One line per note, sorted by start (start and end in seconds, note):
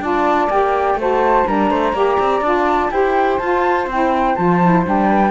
0.00 0.48 D4
0.00 0.49 F4
0.00 0.99 D5
0.00 0.51 A5
0.50 0.95 A#3
0.50 0.98 G4
0.50 0.99 G5
0.95 1.43 A3
0.95 1.47 F#4
0.95 1.47 C5
1.02 1.47 A5
1.47 1.71 G3
1.47 1.94 D4
1.47 1.70 A#4
1.47 2.44 A#5
1.70 1.93 A3
1.70 1.94 C5
1.93 2.17 A#3
1.93 2.43 G4
1.93 2.91 D5
2.19 2.41 C4
2.41 2.89 D4
2.41 2.91 F4
2.41 2.91 A5
2.91 3.39 E4
2.91 3.40 G4
2.91 5.09 C5
2.91 3.39 G5
3.39 3.87 F4
3.39 3.89 F4
3.39 3.87 A5
3.87 4.35 C4
3.87 4.37 E4
3.87 4.36 G5
4.36 4.86 F3
4.36 4.61 F4
4.36 4.84 A5
4.63 4.86 E4
4.86 5.31 G3
4.86 5.31 D4
4.86 5.31 G5
5.09 5.31 B4